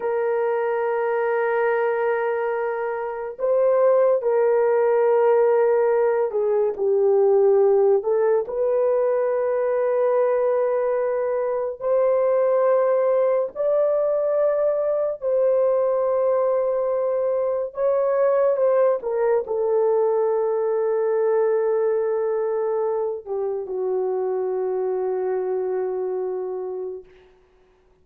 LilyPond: \new Staff \with { instrumentName = "horn" } { \time 4/4 \tempo 4 = 71 ais'1 | c''4 ais'2~ ais'8 gis'8 | g'4. a'8 b'2~ | b'2 c''2 |
d''2 c''2~ | c''4 cis''4 c''8 ais'8 a'4~ | a'2.~ a'8 g'8 | fis'1 | }